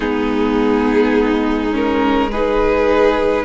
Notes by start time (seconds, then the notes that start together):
0.00 G#3 B3 D#4 G#4
1.71 C#4 A#4
2.31 D#4 G#4 B4